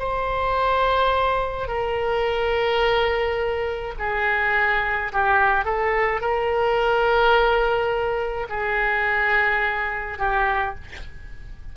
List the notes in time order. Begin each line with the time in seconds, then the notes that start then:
0.00 C5
1.68 A#4
3.99 G#4
5.13 G4
5.66 A4
6.21 A#4
8.50 G#4
10.19 G4